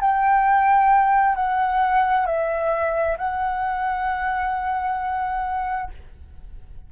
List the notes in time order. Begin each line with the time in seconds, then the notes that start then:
0.00 G5
1.35 F#5
2.26 E5
3.17 F#5